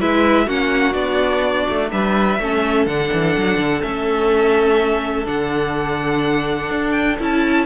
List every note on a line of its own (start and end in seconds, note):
0.00 0.47 G#3
0.00 0.48 E4
0.00 0.47 B4
0.00 0.49 E5
0.47 0.95 A#3
0.47 0.93 C#4
0.47 1.91 F#4
0.47 0.93 F#5
0.93 1.67 B3
0.93 2.37 D4
0.93 1.89 D5
1.69 1.92 A3
1.92 2.39 G3
1.92 2.41 B4
1.92 2.86 E5
2.39 2.86 A3
2.39 2.89 C#4
2.39 7.66 A4
2.86 3.10 D3
2.86 3.81 D4
2.86 3.82 F#5
3.13 3.37 E3
3.37 3.58 F#3
3.58 3.82 D3
3.81 5.28 A3
3.81 5.25 C#4
3.81 5.26 E5
5.26 6.71 D3
5.26 7.18 D4
5.26 6.92 F#5
6.71 7.19 D4
6.92 7.16 G5
7.19 7.66 C#4
7.19 7.66 E4
7.19 7.66 A5